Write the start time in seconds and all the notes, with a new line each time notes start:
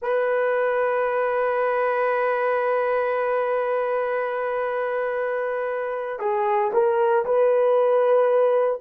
0.01 B4
6.19 G#4
6.72 A#4
7.25 B4